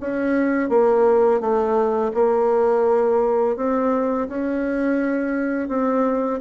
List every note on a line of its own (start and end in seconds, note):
0.00 0.69 C#4
0.69 1.40 A#3
1.40 2.12 A3
2.14 3.56 A#3
3.56 4.28 C4
4.29 5.69 C#4
5.69 6.40 C4